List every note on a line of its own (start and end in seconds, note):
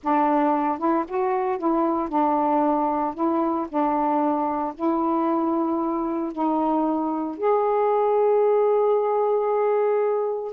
0.03 0.78 D4
0.78 1.04 E4
1.08 1.58 F#4
1.58 2.09 E4
2.09 3.14 D4
3.14 3.67 E4
3.68 4.73 D4
4.75 6.32 E4
6.32 7.37 D#4
7.37 10.53 G#4